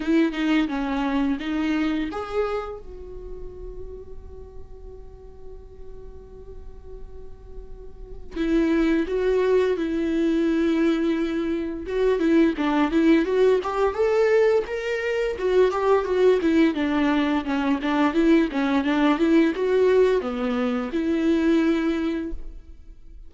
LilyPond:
\new Staff \with { instrumentName = "viola" } { \time 4/4 \tempo 4 = 86 e'8 dis'8 cis'4 dis'4 gis'4 | fis'1~ | fis'1 | e'4 fis'4 e'2~ |
e'4 fis'8 e'8 d'8 e'8 fis'8 g'8 | a'4 ais'4 fis'8 g'8 fis'8 e'8 | d'4 cis'8 d'8 e'8 cis'8 d'8 e'8 | fis'4 b4 e'2 | }